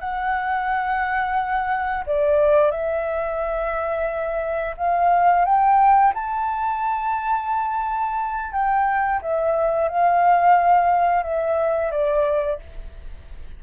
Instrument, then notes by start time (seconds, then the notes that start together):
flute
0.00 F#5
2.06 D5
2.71 E5
4.77 F5
5.45 G5
6.15 A5
8.52 G5
9.22 E5
9.89 F5
11.23 E5
11.91 D5